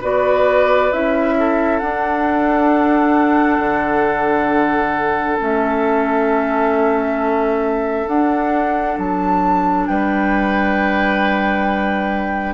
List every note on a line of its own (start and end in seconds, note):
0.00 0.91 B3
0.00 0.91 F#4
0.00 1.34 B4
0.00 0.92 D5
0.92 1.81 C#4
0.92 1.81 E4
0.92 1.78 E5
1.38 9.89 A4
1.78 3.59 D4
1.78 5.37 D4
1.78 5.37 F#5
3.59 5.38 D3
5.37 8.07 A3
5.37 8.06 C#4
5.37 8.08 E5
8.07 8.96 D4
8.07 12.54 D4
8.07 8.97 F#5
8.98 9.87 F#3
8.98 9.86 A5
9.86 12.54 G3
9.86 12.54 B4
9.86 12.54 G5